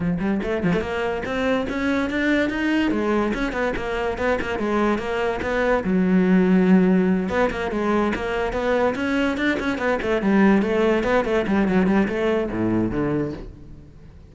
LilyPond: \new Staff \with { instrumentName = "cello" } { \time 4/4 \tempo 4 = 144 f8 g8 a8 f16 a16 ais4 c'4 | cis'4 d'4 dis'4 gis4 | cis'8 b8 ais4 b8 ais8 gis4 | ais4 b4 fis2~ |
fis4. b8 ais8 gis4 ais8~ | ais8 b4 cis'4 d'8 cis'8 b8 | a8 g4 a4 b8 a8 g8 | fis8 g8 a4 a,4 d4 | }